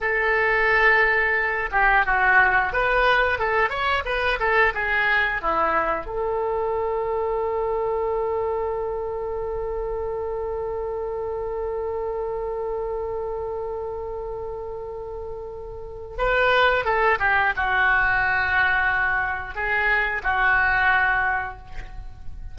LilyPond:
\new Staff \with { instrumentName = "oboe" } { \time 4/4 \tempo 4 = 89 a'2~ a'8 g'8 fis'4 | b'4 a'8 cis''8 b'8 a'8 gis'4 | e'4 a'2.~ | a'1~ |
a'1~ | a'1 | b'4 a'8 g'8 fis'2~ | fis'4 gis'4 fis'2 | }